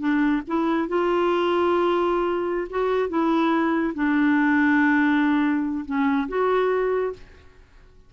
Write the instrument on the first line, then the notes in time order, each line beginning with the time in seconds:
clarinet
0.00 D4
0.48 E4
0.88 F4
2.70 F#4
3.09 E4
3.95 D4
5.86 C#4
6.29 F#4